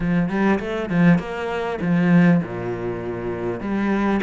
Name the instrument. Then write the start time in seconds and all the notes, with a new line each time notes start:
cello
0.00 F3
0.29 G3
0.59 A3
0.89 F3
1.18 A#3
1.81 F3
2.43 A#2
3.60 G3